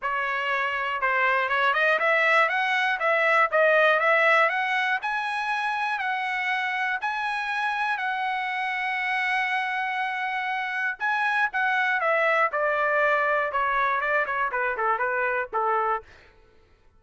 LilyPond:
\new Staff \with { instrumentName = "trumpet" } { \time 4/4 \tempo 4 = 120 cis''2 c''4 cis''8 dis''8 | e''4 fis''4 e''4 dis''4 | e''4 fis''4 gis''2 | fis''2 gis''2 |
fis''1~ | fis''2 gis''4 fis''4 | e''4 d''2 cis''4 | d''8 cis''8 b'8 a'8 b'4 a'4 | }